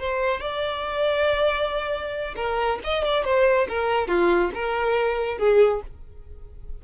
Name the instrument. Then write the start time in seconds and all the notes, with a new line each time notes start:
violin
0.00 C5
0.41 D5
2.36 A#4
2.84 D#5
3.05 D5
3.25 C5
3.69 A#4
4.08 F4
4.55 A#4
5.39 G#4